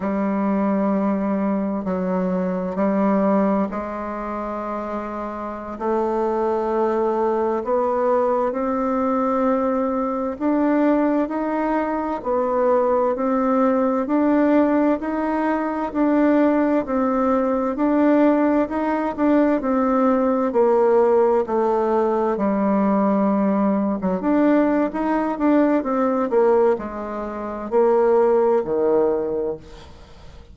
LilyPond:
\new Staff \with { instrumentName = "bassoon" } { \time 4/4 \tempo 4 = 65 g2 fis4 g4 | gis2~ gis16 a4.~ a16~ | a16 b4 c'2 d'8.~ | d'16 dis'4 b4 c'4 d'8.~ |
d'16 dis'4 d'4 c'4 d'8.~ | d'16 dis'8 d'8 c'4 ais4 a8.~ | a16 g4.~ g16 fis16 d'8. dis'8 d'8 | c'8 ais8 gis4 ais4 dis4 | }